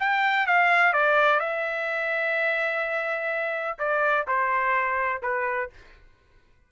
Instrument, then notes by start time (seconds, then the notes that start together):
trumpet
0.00 G5
0.47 F5
0.93 D5
1.40 E5
3.79 D5
4.28 C5
5.23 B4